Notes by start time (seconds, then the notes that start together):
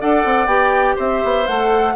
0.00 D4 A4 D5 F#5
0.25 C4
0.47 B3 G4 G5
0.96 C4 C5 E5
1.24 B3
1.47 A3 A4 F#5